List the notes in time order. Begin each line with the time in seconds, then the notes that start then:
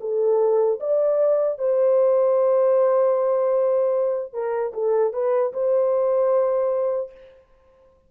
0.00 A4
0.80 D5
1.58 C5
4.33 A#4
4.74 A4
5.13 B4
5.53 C5